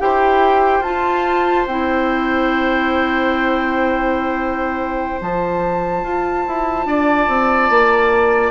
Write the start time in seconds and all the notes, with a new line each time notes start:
0.00 E4 G4 C5 G5
0.80 F4 A5
1.67 C4 E4 G5
5.21 F3 F4 A5
6.03 F4
6.48 E4
6.86 D4 D5
7.28 C4
7.70 A#3